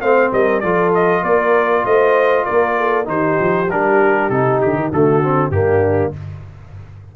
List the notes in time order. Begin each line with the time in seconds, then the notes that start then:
0.00 A3 C4 C5 F5
0.32 G3 A#4 D#5
0.60 F3 F4 A4 D5
0.94 D#5
1.22 A#3 A#4 D5
1.84 A3 C5 D#5
2.45 A#3 A#4 D5
2.78 A4
3.04 D#3 D#4 G4 C5
3.39 F3
3.69 G3 D4 A#4
4.29 C3 D#4 A4
4.61 D3 G4
4.76 D#3
4.91 D3 A3 F#4 A4
5.22 C4
5.50 G2 A#3 D4 G4